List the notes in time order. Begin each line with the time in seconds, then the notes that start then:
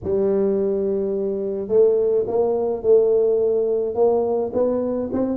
0.03 G3
1.68 A3
2.27 A#3
2.82 A3
3.94 A#3
4.53 B3
5.13 C4